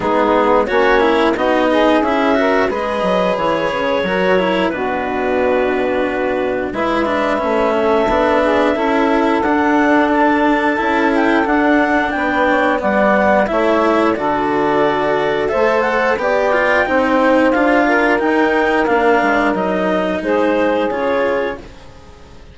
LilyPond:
<<
  \new Staff \with { instrumentName = "clarinet" } { \time 4/4 \tempo 4 = 89 gis'4 cis''4 dis''4 e''4 | dis''4 cis''2 b'4~ | b'2 e''2~ | e''2 fis''4 a''4~ |
a''8 g''8 fis''4 g''4 fis''4 | e''4 d''2 e''8 fis''8 | g''2 f''4 g''4 | f''4 dis''4 c''4 cis''4 | }
  \new Staff \with { instrumentName = "saxophone" } { \time 4/4 dis'4 cis'4 fis'8 gis'4 ais'8 | b'2 ais'4 fis'4~ | fis'2 b'4. a'8~ | a'8 gis'8 a'2.~ |
a'2 b'8 cis''8 d''4 | cis''4 a'2 c''4 | d''4 c''4. ais'4.~ | ais'2 gis'2 | }
  \new Staff \with { instrumentName = "cello" } { \time 4/4 b4 fis'8 e'8 dis'4 e'8 fis'8 | gis'2 fis'8 e'8 d'4~ | d'2 e'8 d'8 cis'4 | d'4 e'4 d'2 |
e'4 d'2 b4 | e'4 fis'2 a'4 | g'8 f'8 dis'4 f'4 dis'4 | d'4 dis'2 f'4 | }
  \new Staff \with { instrumentName = "bassoon" } { \time 4/4 gis4 ais4 b4 cis'4 | gis8 fis8 e8 cis8 fis4 b,4~ | b,2 gis4 a4 | b4 cis'4 d'2 |
cis'4 d'4 b4 g4 | a4 d2 a4 | b4 c'4 d'4 dis'4 | ais8 gis8 fis4 gis4 cis4 | }
>>